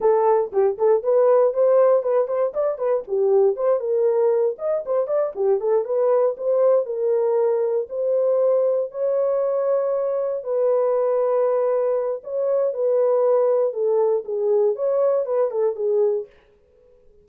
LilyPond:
\new Staff \with { instrumentName = "horn" } { \time 4/4 \tempo 4 = 118 a'4 g'8 a'8 b'4 c''4 | b'8 c''8 d''8 b'8 g'4 c''8 ais'8~ | ais'4 dis''8 c''8 d''8 g'8 a'8 b'8~ | b'8 c''4 ais'2 c''8~ |
c''4. cis''2~ cis''8~ | cis''8 b'2.~ b'8 | cis''4 b'2 a'4 | gis'4 cis''4 b'8 a'8 gis'4 | }